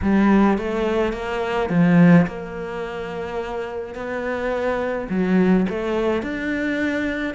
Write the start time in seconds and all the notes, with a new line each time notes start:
0.02 G3
0.58 A3
1.12 A#3
1.69 F3
2.26 A#3
3.94 B3
5.09 F#3
5.69 A3
6.22 D4